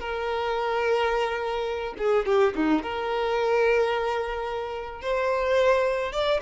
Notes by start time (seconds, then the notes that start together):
0.00 A#4
1.98 G#4
2.26 G4
2.55 D#4
2.82 A#4
5.02 C5
6.12 D5